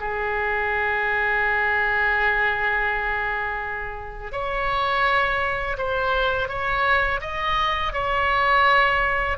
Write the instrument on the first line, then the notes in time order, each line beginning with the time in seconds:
oboe
0.00 G#4
4.32 C#5
5.78 C5
6.48 C#5
7.21 D#5
7.93 C#5